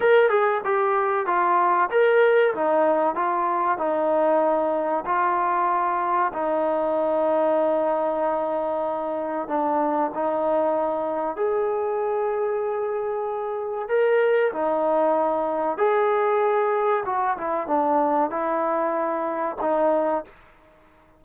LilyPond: \new Staff \with { instrumentName = "trombone" } { \time 4/4 \tempo 4 = 95 ais'8 gis'8 g'4 f'4 ais'4 | dis'4 f'4 dis'2 | f'2 dis'2~ | dis'2. d'4 |
dis'2 gis'2~ | gis'2 ais'4 dis'4~ | dis'4 gis'2 fis'8 e'8 | d'4 e'2 dis'4 | }